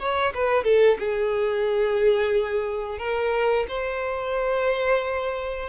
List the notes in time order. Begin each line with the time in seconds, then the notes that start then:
0.00 C#5
0.35 B4
0.64 A4
1.00 G#4
2.99 A#4
3.69 C5